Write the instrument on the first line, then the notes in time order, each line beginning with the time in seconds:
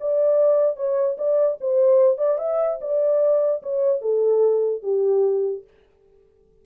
horn
0.00 D5
0.76 C#5
1.18 D5
1.60 C5
2.18 D5
2.38 E5
2.81 D5
3.62 C#5
4.01 A4
4.82 G4